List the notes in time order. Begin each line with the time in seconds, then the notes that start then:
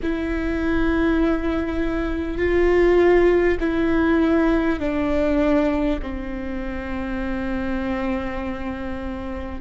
0.02 E4
2.37 F4
3.60 E4
4.79 D4
6.02 C4